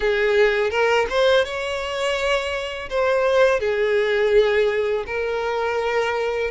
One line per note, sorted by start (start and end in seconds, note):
0.00 0.70 G#4
0.70 1.06 A#4
1.09 1.44 C5
1.44 2.89 C#5
2.89 3.59 C5
3.59 5.04 G#4
5.06 6.50 A#4